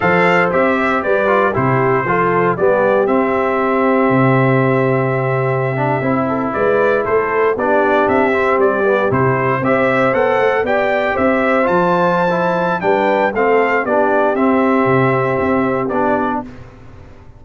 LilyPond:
<<
  \new Staff \with { instrumentName = "trumpet" } { \time 4/4 \tempo 4 = 117 f''4 e''4 d''4 c''4~ | c''4 d''4 e''2~ | e''1~ | e''8. d''4 c''4 d''4 e''16~ |
e''8. d''4 c''4 e''4 fis''16~ | fis''8. g''4 e''4 a''4~ a''16~ | a''4 g''4 f''4 d''4 | e''2. d''4 | }
  \new Staff \with { instrumentName = "horn" } { \time 4/4 c''2 b'4 g'4 | a'4 g'2.~ | g'1~ | g'16 a'8 b'4 a'4 g'4~ g'16~ |
g'2~ g'8. c''4~ c''16~ | c''8. d''4 c''2~ c''16~ | c''4 b'4 a'4 g'4~ | g'1 | }
  \new Staff \with { instrumentName = "trombone" } { \time 4/4 a'4 g'4. f'8 e'4 | f'4 b4 c'2~ | c'2.~ c'16 d'8 e'16~ | e'2~ e'8. d'4~ d'16~ |
d'16 c'4 b8 e'4 g'4 a'16~ | a'8. g'2 f'4~ f'16 | e'4 d'4 c'4 d'4 | c'2. d'4 | }
  \new Staff \with { instrumentName = "tuba" } { \time 4/4 f4 c'4 g4 c4 | f4 g4 c'2 | c2.~ c8. c'16~ | c'8. gis4 a4 b4 c'16~ |
c'8. g4 c4 c'4 b16~ | b16 a8 b4 c'4 f4~ f16~ | f4 g4 a4 b4 | c'4 c4 c'4 b4 | }
>>